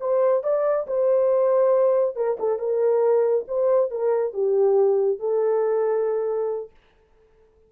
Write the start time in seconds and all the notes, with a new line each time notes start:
0.00 C5
0.43 D5
0.87 C5
2.16 A#4
2.39 A4
2.59 A#4
3.47 C5
3.90 A#4
4.33 G4
5.19 A4